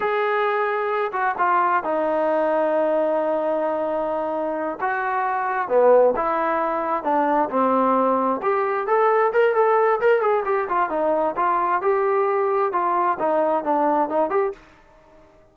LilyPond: \new Staff \with { instrumentName = "trombone" } { \time 4/4 \tempo 4 = 132 gis'2~ gis'8 fis'8 f'4 | dis'1~ | dis'2~ dis'8 fis'4.~ | fis'8 b4 e'2 d'8~ |
d'8 c'2 g'4 a'8~ | a'8 ais'8 a'4 ais'8 gis'8 g'8 f'8 | dis'4 f'4 g'2 | f'4 dis'4 d'4 dis'8 g'8 | }